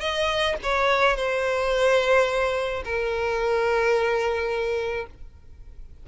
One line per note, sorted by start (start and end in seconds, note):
0.00 0.56 D#5
0.63 1.16 C#5
1.16 2.83 C5
2.84 5.06 A#4